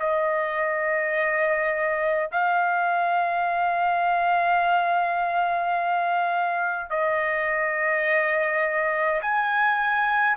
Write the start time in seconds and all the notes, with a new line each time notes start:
0.00 D#5
2.32 F5
6.91 D#5
9.22 G#5